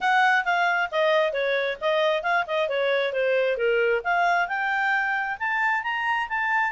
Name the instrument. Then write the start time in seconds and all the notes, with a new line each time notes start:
clarinet
0.00 F#5
0.44 F5
0.91 D#5
1.32 C#5
1.81 D#5
2.22 F5
2.46 D#5
2.68 C#5
3.12 C5
3.57 A#4
4.04 F5
4.48 G5
5.39 A5
5.83 A#5
6.28 A5